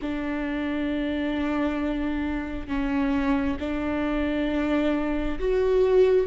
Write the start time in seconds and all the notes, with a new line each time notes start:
0.01 D4
2.67 C#4
3.59 D4
5.39 F#4